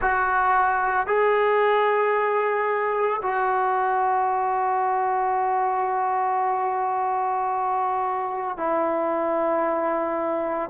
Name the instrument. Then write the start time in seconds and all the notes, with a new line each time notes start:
trombone
0.01 F#4
1.07 G#4
3.22 F#4
8.57 E4